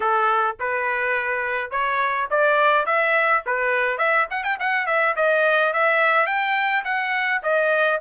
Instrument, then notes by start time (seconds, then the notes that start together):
trumpet
0.00 A4
0.59 B4
1.70 C#5
2.30 D5
2.86 E5
3.45 B4
3.98 E5
4.30 F#5
4.43 G5
4.59 F#5
4.86 E5
5.16 D#5
5.73 E5
6.26 G5
6.84 F#5
7.42 D#5